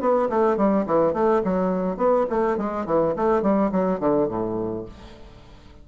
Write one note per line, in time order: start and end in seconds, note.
0.00 0.29 B3
0.29 0.57 A3
0.57 0.85 G3
0.86 1.13 E3
1.13 1.42 A3
1.44 1.97 F#3
1.97 2.25 B3
2.29 2.57 A3
2.57 2.86 G#3
2.86 3.14 E3
3.16 3.42 A3
3.42 3.71 G3
3.71 3.99 F#3
3.99 4.28 D3
4.28 4.85 A2